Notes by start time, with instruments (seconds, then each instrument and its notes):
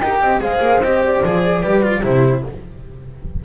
0.00 double bass D#4, cello G4, horn A#4, flute G5
0.21 double bass C4, horn D#5
0.40 double bass G#3, cello G#4, horn C5, flute F5
0.60 double bass A#3
0.80 double bass C4, cello G4, flute D#5
1.05 flute D5
1.23 double bass F3, cello G#4
1.61 double bass G3, cello G4, horn B4
1.82 cello F4
2.02 double bass C3, cello E4, horn G4, flute C5